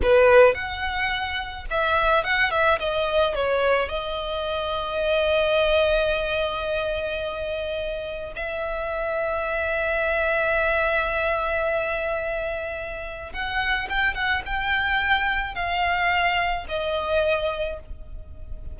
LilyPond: \new Staff \with { instrumentName = "violin" } { \time 4/4 \tempo 4 = 108 b'4 fis''2 e''4 | fis''8 e''8 dis''4 cis''4 dis''4~ | dis''1~ | dis''2. e''4~ |
e''1~ | e''1 | fis''4 g''8 fis''8 g''2 | f''2 dis''2 | }